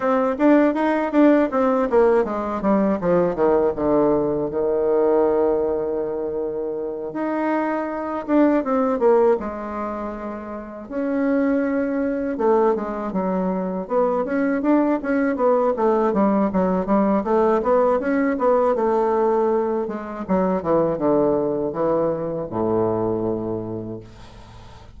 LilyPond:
\new Staff \with { instrumentName = "bassoon" } { \time 4/4 \tempo 4 = 80 c'8 d'8 dis'8 d'8 c'8 ais8 gis8 g8 | f8 dis8 d4 dis2~ | dis4. dis'4. d'8 c'8 | ais8 gis2 cis'4.~ |
cis'8 a8 gis8 fis4 b8 cis'8 d'8 | cis'8 b8 a8 g8 fis8 g8 a8 b8 | cis'8 b8 a4. gis8 fis8 e8 | d4 e4 a,2 | }